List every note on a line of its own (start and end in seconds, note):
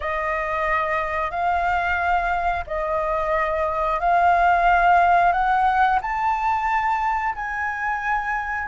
0.00 1.31 D#5
1.31 2.64 F5
2.66 4.00 D#5
4.00 5.32 F5
5.32 5.98 F#5
6.01 7.35 A5
7.35 8.67 G#5